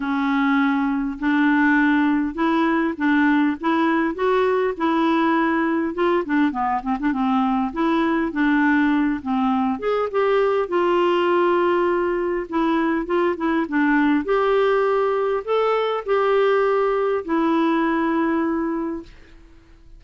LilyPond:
\new Staff \with { instrumentName = "clarinet" } { \time 4/4 \tempo 4 = 101 cis'2 d'2 | e'4 d'4 e'4 fis'4 | e'2 f'8 d'8 b8 c'16 d'16 | c'4 e'4 d'4. c'8~ |
c'8 gis'8 g'4 f'2~ | f'4 e'4 f'8 e'8 d'4 | g'2 a'4 g'4~ | g'4 e'2. | }